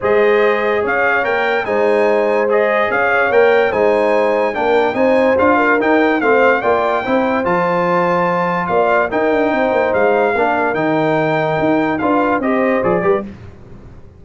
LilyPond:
<<
  \new Staff \with { instrumentName = "trumpet" } { \time 4/4 \tempo 4 = 145 dis''2 f''4 g''4 | gis''2 dis''4 f''4 | g''4 gis''2 g''4 | gis''4 f''4 g''4 f''4 |
g''2 a''2~ | a''4 f''4 g''2 | f''2 g''2~ | g''4 f''4 dis''4 d''4 | }
  \new Staff \with { instrumentName = "horn" } { \time 4/4 c''2 cis''2 | c''2. cis''4~ | cis''4 c''2 ais'4 | c''4. ais'4. c''4 |
d''4 c''2.~ | c''4 d''4 ais'4 c''4~ | c''4 ais'2.~ | ais'4 b'4 c''4. b'8 | }
  \new Staff \with { instrumentName = "trombone" } { \time 4/4 gis'2. ais'4 | dis'2 gis'2 | ais'4 dis'2 d'4 | dis'4 f'4 dis'4 c'4 |
f'4 e'4 f'2~ | f'2 dis'2~ | dis'4 d'4 dis'2~ | dis'4 f'4 g'4 gis'8 g'8 | }
  \new Staff \with { instrumentName = "tuba" } { \time 4/4 gis2 cis'4 ais4 | gis2. cis'4 | ais4 gis2 ais4 | c'4 d'4 dis'4 a4 |
ais4 c'4 f2~ | f4 ais4 dis'8 d'8 c'8 ais8 | gis4 ais4 dis2 | dis'4 d'4 c'4 f8 g8 | }
>>